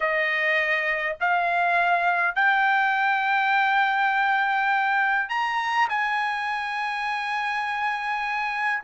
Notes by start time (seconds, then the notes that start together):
0.00 D#5
1.20 F5
2.35 G5
5.29 A#5
5.89 G#5